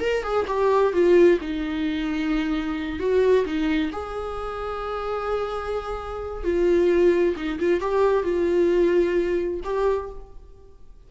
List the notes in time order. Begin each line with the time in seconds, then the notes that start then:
0.00 A#4
0.23 G#4
0.47 G4
0.93 F4
1.41 D#4
2.99 F#4
3.45 D#4
3.92 G#4
6.44 F4
7.36 D#4
7.59 F4
7.80 G4
8.23 F4
9.64 G4